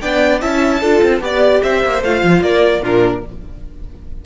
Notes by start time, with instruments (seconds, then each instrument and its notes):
0.00 cello B3, viola D4, violin D5 G5
0.41 cello C#4, viola E4, violin E5 A5
0.81 cello D4, viola F4, violin A4
1.03 cello C4
1.21 cello B3, viola G4, violin D5
1.63 cello C4, violin C5 E5
1.84 cello A#3
2.02 cello A3, viola F4, violin F5
2.23 cello F3
2.41 cello A#3, violin A#4 D5
2.83 cello A#2, viola D4, violin F4 A#4